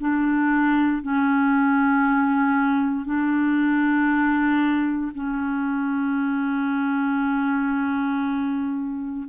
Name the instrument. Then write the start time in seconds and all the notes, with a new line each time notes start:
clarinet
0.00 D4
1.02 C#4
3.05 D4
5.14 C#4